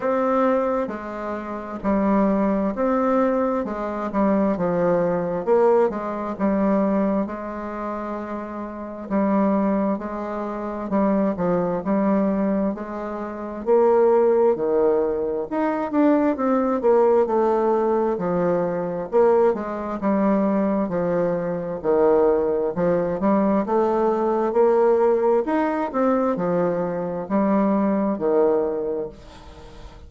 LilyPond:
\new Staff \with { instrumentName = "bassoon" } { \time 4/4 \tempo 4 = 66 c'4 gis4 g4 c'4 | gis8 g8 f4 ais8 gis8 g4 | gis2 g4 gis4 | g8 f8 g4 gis4 ais4 |
dis4 dis'8 d'8 c'8 ais8 a4 | f4 ais8 gis8 g4 f4 | dis4 f8 g8 a4 ais4 | dis'8 c'8 f4 g4 dis4 | }